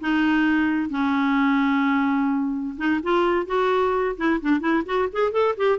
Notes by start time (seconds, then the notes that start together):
0.00 D#4
0.90 C#4
2.78 D#4
3.03 F4
3.46 F#4
4.17 E4
4.42 D4
4.60 E4
4.85 F#4
5.12 G#4
5.32 A4
5.57 G4